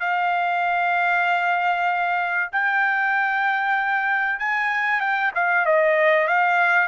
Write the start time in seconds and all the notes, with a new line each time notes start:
0.00 F5
2.52 G5
4.39 G#5
5.00 G5
5.35 F5
5.66 D#5
6.28 F5